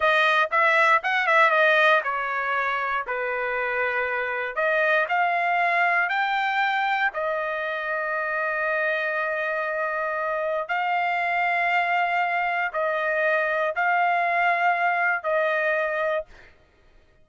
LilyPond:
\new Staff \with { instrumentName = "trumpet" } { \time 4/4 \tempo 4 = 118 dis''4 e''4 fis''8 e''8 dis''4 | cis''2 b'2~ | b'4 dis''4 f''2 | g''2 dis''2~ |
dis''1~ | dis''4 f''2.~ | f''4 dis''2 f''4~ | f''2 dis''2 | }